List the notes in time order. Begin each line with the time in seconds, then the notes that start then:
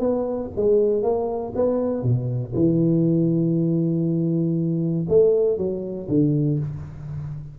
0.00 B3
0.56 G#3
1.03 A#3
1.55 B3
2.03 B2
2.55 E3
5.09 A3
5.58 F#3
6.09 D3